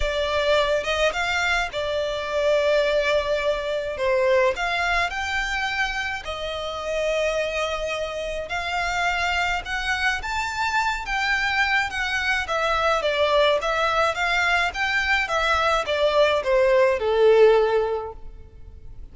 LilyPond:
\new Staff \with { instrumentName = "violin" } { \time 4/4 \tempo 4 = 106 d''4. dis''8 f''4 d''4~ | d''2. c''4 | f''4 g''2 dis''4~ | dis''2. f''4~ |
f''4 fis''4 a''4. g''8~ | g''4 fis''4 e''4 d''4 | e''4 f''4 g''4 e''4 | d''4 c''4 a'2 | }